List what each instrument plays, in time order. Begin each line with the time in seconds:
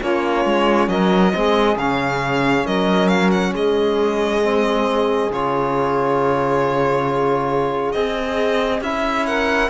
0.00 cello A#3, trombone C#4, saxophone F4, violin C#5
0.45 cello G#3
0.88 cello F#3, saxophone A#4, violin D#5
1.32 cello G#3, trombone C4, saxophone G#4
1.76 cello C#3, trombone C#4, violin F5
2.65 cello F#3, saxophone A#4, violin D#5
3.08 violin F5
3.31 violin F#5
3.52 cello G#3, saxophone G#4, violin D#5
4.43 trombone C4
5.30 cello C#3, trombone F4, violin C#5
7.92 cello C4, trombone G#4, violin D#5
8.81 cello C#4, trombone E4, violin E5
9.26 saxophone A#4, violin F#5